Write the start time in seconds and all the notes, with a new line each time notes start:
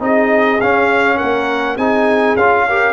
0.00 C4 D#4 G#4 D#5
0.61 C#4 F5
1.17 A#3 A#4 F#5
1.77 C4 D#4 G#4 G#5
2.36 C#4 F4 F5
2.69 G4 A#4